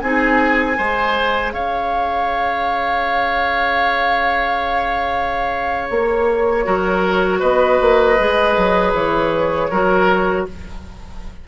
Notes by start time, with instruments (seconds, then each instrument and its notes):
0.00 bassoon C4, clarinet D#4, oboe G#4, flute G#5
0.76 bassoon G#3, clarinet G#4, oboe C5
1.53 bassoon C#4, oboe C#5, flute F5
5.90 bassoon A#3, flute C#5
6.64 bassoon F#3, clarinet F#4, oboe A#4
7.40 bassoon B3, oboe B4, flute D#5
7.81 bassoon A#3
8.19 bassoon G#3, clarinet G#4
8.57 bassoon F#3
8.93 bassoon E3, flute C#5
9.70 bassoon F#3, clarinet F#4, oboe A#4